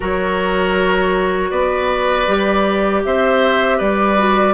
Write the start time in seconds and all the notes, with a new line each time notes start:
0.00 F#3 F#4 A#4 C#5
1.50 B3 B4 D5
2.27 G3 G4
3.05 C4 C5 E5
3.77 G3 B4 D5
4.17 F#4